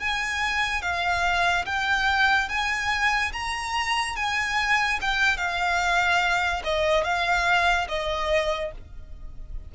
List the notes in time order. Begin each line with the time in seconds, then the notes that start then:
0.00 G#5
0.82 F5
1.66 G5
2.49 G#5
3.33 A#5
4.17 G#5
5.02 G5
5.38 F5
6.64 D#5
7.05 F5
7.89 D#5